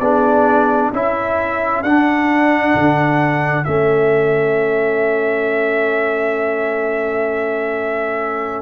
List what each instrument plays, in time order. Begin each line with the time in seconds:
0.00 tuba B3, trombone D4, horn G#4, trumpet D5
0.90 tuba C#4, trombone E4, horn A4, trumpet E5
1.83 tuba D4, trombone D4, trumpet F#5
2.75 tuba D3
3.64 tuba A3, trombone C#4, trumpet E5